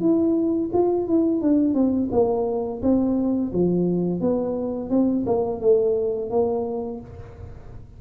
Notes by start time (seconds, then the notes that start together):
0.00 E4
0.73 F4
1.07 E4
1.41 D4
1.74 C4
2.11 A#3
2.82 C4
3.52 F3
4.21 B3
4.90 C4
5.26 A#3
5.60 A3
6.30 A#3